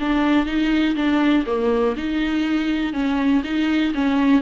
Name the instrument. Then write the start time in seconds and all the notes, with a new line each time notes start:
viola
0.00 D4
0.46 D#4
0.96 D4
1.46 A#3
1.96 D#4
2.93 C#4
3.44 D#4
3.95 C#4